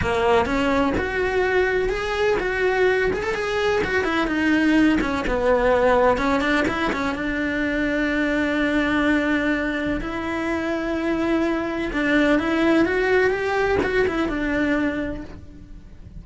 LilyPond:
\new Staff \with { instrumentName = "cello" } { \time 4/4 \tempo 4 = 126 ais4 cis'4 fis'2 | gis'4 fis'4. gis'16 a'16 gis'4 | fis'8 e'8 dis'4. cis'8 b4~ | b4 cis'8 d'8 e'8 cis'8 d'4~ |
d'1~ | d'4 e'2.~ | e'4 d'4 e'4 fis'4 | g'4 fis'8 e'8 d'2 | }